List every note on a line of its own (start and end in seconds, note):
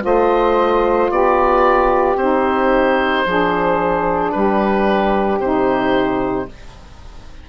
0.00 1.10 A3
0.00 2.14 F4
0.00 1.11 C5
0.00 1.11 D#5
1.10 2.15 B3
1.10 3.25 G4
1.10 2.17 D5
2.15 3.22 C4
2.15 3.26 D#4
2.15 4.31 C5
3.25 4.32 F3
3.25 5.41 D4
3.25 4.33 G#4
4.31 5.38 G3
4.31 6.48 G4
4.31 5.39 B4
5.38 6.46 C3
5.38 6.48 D#4
5.38 6.47 C5